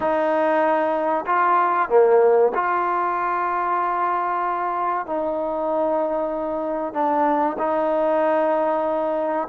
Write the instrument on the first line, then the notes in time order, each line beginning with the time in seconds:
trombone
0.00 D#4
1.26 F4
1.89 A#3
2.54 F4
5.06 D#4
6.93 D4
7.58 D#4